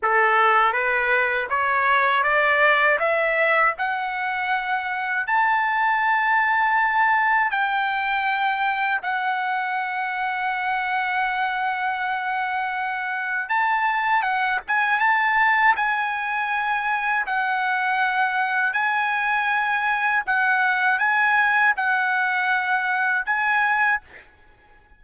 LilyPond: \new Staff \with { instrumentName = "trumpet" } { \time 4/4 \tempo 4 = 80 a'4 b'4 cis''4 d''4 | e''4 fis''2 a''4~ | a''2 g''2 | fis''1~ |
fis''2 a''4 fis''8 gis''8 | a''4 gis''2 fis''4~ | fis''4 gis''2 fis''4 | gis''4 fis''2 gis''4 | }